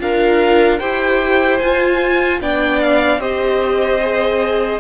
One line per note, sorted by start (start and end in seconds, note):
0.00 0.81 D4
0.00 0.80 F4
0.00 0.79 A#4
0.00 0.79 F5
0.79 1.61 E4
0.79 1.61 G4
0.79 2.39 C5
0.79 1.59 G5
1.59 2.41 F4
1.59 2.42 F4
1.59 2.39 G#5
2.41 3.18 B3
2.41 3.20 D4
2.41 3.20 D5
2.41 2.81 G5
2.81 3.21 F5
3.18 4.78 C4
3.18 4.00 G4
3.18 4.80 C5
3.18 4.80 D#5
4.02 4.80 G#4